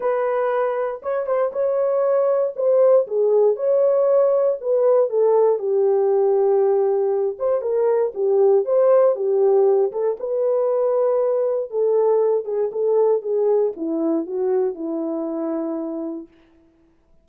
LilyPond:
\new Staff \with { instrumentName = "horn" } { \time 4/4 \tempo 4 = 118 b'2 cis''8 c''8 cis''4~ | cis''4 c''4 gis'4 cis''4~ | cis''4 b'4 a'4 g'4~ | g'2~ g'8 c''8 ais'4 |
g'4 c''4 g'4. a'8 | b'2. a'4~ | a'8 gis'8 a'4 gis'4 e'4 | fis'4 e'2. | }